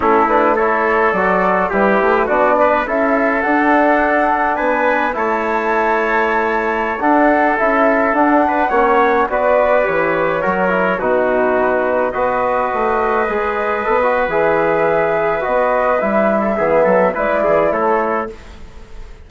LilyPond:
<<
  \new Staff \with { instrumentName = "flute" } { \time 4/4 \tempo 4 = 105 a'8 b'8 cis''4 d''4 b'4 | d''4 e''4 fis''2 | gis''4 a''2.~ | a''16 fis''4 e''4 fis''4.~ fis''16~ |
fis''16 d''4 cis''2 b'8.~ | b'4~ b'16 dis''2~ dis''8.~ | dis''4 e''2 dis''4 | e''2 d''4 cis''4 | }
  \new Staff \with { instrumentName = "trumpet" } { \time 4/4 e'4 a'2 g'4 | fis'8 b'8 a'2. | b'4 cis''2.~ | cis''16 a'2~ a'8 b'8 cis''8.~ |
cis''16 b'2 ais'4 fis'8.~ | fis'4~ fis'16 b'2~ b'8.~ | b'1~ | b'8. a'16 gis'8 a'8 b'8 gis'8 a'4 | }
  \new Staff \with { instrumentName = "trombone" } { \time 4/4 cis'8 d'8 e'4 fis'4 e'4 | d'4 e'4 d'2~ | d'4 e'2.~ | e'16 d'4 e'4 d'4 cis'8.~ |
cis'16 fis'4 g'4 fis'8 e'8 dis'8.~ | dis'4~ dis'16 fis'2 gis'8.~ | gis'16 a'16 fis'8 gis'2 fis'4 | e'4 b4 e'2 | }
  \new Staff \with { instrumentName = "bassoon" } { \time 4/4 a2 fis4 g8 a8 | b4 cis'4 d'2 | b4 a2.~ | a16 d'4 cis'4 d'4 ais8.~ |
ais16 b4 e4 fis4 b,8.~ | b,4~ b,16 b4 a4 gis8.~ | gis16 b8. e2 b4 | g4 e8 fis8 gis8 e8 a4 | }
>>